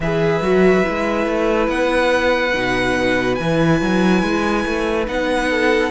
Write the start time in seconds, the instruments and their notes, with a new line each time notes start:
0.00 cello E3, viola G#4, violin B4 E5
0.41 cello F#3, viola F#4
0.83 cello G#3, viola E4
1.26 cello A3
1.67 cello B3, violin F#5
2.53 cello B2, viola D#4
3.35 cello E3, viola E4, violin G#5
3.81 cello F#3
4.22 cello G#3
4.65 cello A3
5.06 cello B3, viola D#4, violin F#5
5.49 violin A4